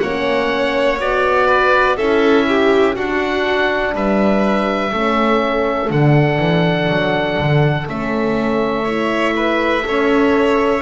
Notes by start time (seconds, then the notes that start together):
0.00 A#3 C#4 C#5 F#5
1.00 B3 F#4 D5
1.47 B4
1.97 C#4 E4 A4 E5
2.48 G4
2.96 D4 F#4 F#5
3.94 G3 B4 E5
4.93 A3 C#4 A4
5.89 D3 D4 F#5
6.39 E3
6.89 F#3
7.39 D3
7.88 A3 C#4 E5
8.85 E4 C#5
9.36 B4
9.83 C#4 A4 C#5